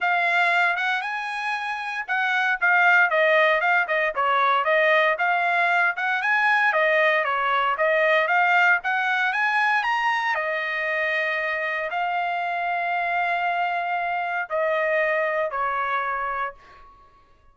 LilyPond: \new Staff \with { instrumentName = "trumpet" } { \time 4/4 \tempo 4 = 116 f''4. fis''8 gis''2 | fis''4 f''4 dis''4 f''8 dis''8 | cis''4 dis''4 f''4. fis''8 | gis''4 dis''4 cis''4 dis''4 |
f''4 fis''4 gis''4 ais''4 | dis''2. f''4~ | f''1 | dis''2 cis''2 | }